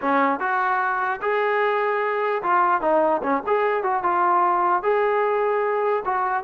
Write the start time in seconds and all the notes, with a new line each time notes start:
0.01 C#4
0.39 F#4
1.21 G#4
2.43 F4
2.81 D#4
3.22 C#4
3.46 G#4
3.83 F#4
4.03 F4
4.82 G#4
6.05 F#4